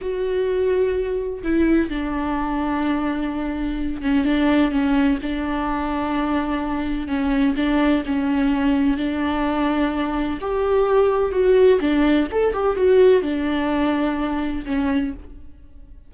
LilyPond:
\new Staff \with { instrumentName = "viola" } { \time 4/4 \tempo 4 = 127 fis'2. e'4 | d'1~ | d'8 cis'8 d'4 cis'4 d'4~ | d'2. cis'4 |
d'4 cis'2 d'4~ | d'2 g'2 | fis'4 d'4 a'8 g'8 fis'4 | d'2. cis'4 | }